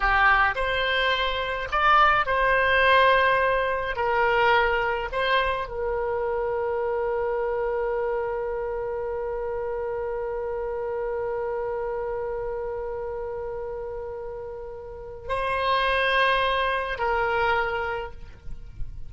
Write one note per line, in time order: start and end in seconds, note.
0.00 0.54 G4
0.55 1.68 C5
1.71 2.26 D5
2.26 3.95 C5
3.96 5.09 A#4
5.12 5.68 C5
5.68 15.28 A#4
15.28 16.98 C5
16.98 18.11 A#4